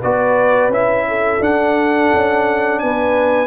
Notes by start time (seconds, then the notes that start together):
0.00 B3 F#4 B4 D5
0.68 C#4 E4 E5
1.08 A4
1.40 D4 F#5
2.13 C#4
2.79 B3 B4 G#5